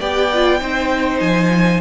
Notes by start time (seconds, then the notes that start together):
0.00 B3 G4 D5 G5
0.34 F4
0.60 C4 D#4 C5
1.20 F3 G#5